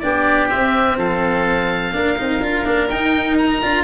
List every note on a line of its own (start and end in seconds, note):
0.00 0.51 B3
0.00 0.50 D4
0.00 0.98 G4
0.00 0.48 D5
0.50 1.93 C4
0.50 0.97 C4
0.50 0.98 E5
0.97 1.93 F3
0.97 1.94 A4
0.97 2.90 F5
1.93 2.18 A#3
1.93 2.17 D4
1.93 3.84 A#4
2.18 2.42 C4
2.18 2.42 D#4
2.42 2.66 D4
2.42 2.65 F4
2.65 2.90 A#3
2.65 2.89 D4
2.90 3.62 D#4
2.90 3.63 D#4
2.90 3.38 G5
3.39 3.84 A#5
3.63 3.84 D4
3.63 3.84 F4